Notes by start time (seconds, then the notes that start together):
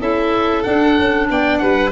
0.00 C#4 E4 A4 E5
0.63 D4 F#5
0.99 C#4
1.30 B3 D5 G5
1.58 G3 B4 F#5